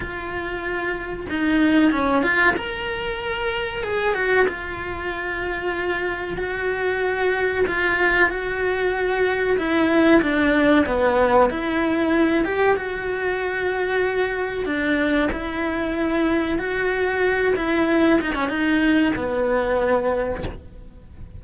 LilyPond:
\new Staff \with { instrumentName = "cello" } { \time 4/4 \tempo 4 = 94 f'2 dis'4 cis'8 f'8 | ais'2 gis'8 fis'8 f'4~ | f'2 fis'2 | f'4 fis'2 e'4 |
d'4 b4 e'4. g'8 | fis'2. d'4 | e'2 fis'4. e'8~ | e'8 dis'16 cis'16 dis'4 b2 | }